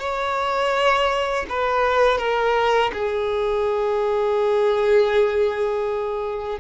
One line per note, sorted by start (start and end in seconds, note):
0.00 1.46 C#5
1.49 2.18 B4
2.18 2.91 A#4
2.93 6.59 G#4